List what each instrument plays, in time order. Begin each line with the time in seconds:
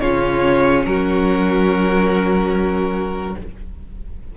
0.00 cello C#3, viola C#4, violin F4 C#5
0.85 cello F#3, violin F#4 A#4